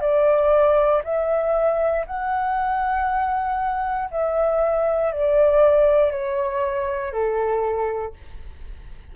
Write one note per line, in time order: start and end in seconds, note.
0.00 1.02 D5
1.04 2.06 E5
2.06 4.10 F#5
4.10 5.12 E5
5.12 6.11 D5
6.11 7.12 C#5
7.12 8.14 A4